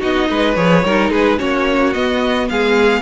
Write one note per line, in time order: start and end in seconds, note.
0.00 0.30 B3
0.00 0.55 D#4
0.00 0.28 F#4
0.00 0.56 D#5
0.30 0.57 G#3
0.30 0.85 B4
0.56 0.84 F3
0.56 0.84 G#4
0.56 1.11 C#5
0.84 1.11 G3
0.84 1.38 D#4
0.84 1.11 A#4
1.11 1.38 G#3
1.11 1.39 G#4
1.11 1.39 B4
1.38 1.95 A#3
1.38 1.93 C#4
1.38 2.49 F#4
1.38 1.93 C#5
1.93 3.02 B3
1.93 2.50 B3
1.93 2.49 D#5
2.49 3.02 G#3
2.49 3.02 G#4
2.49 3.02 F5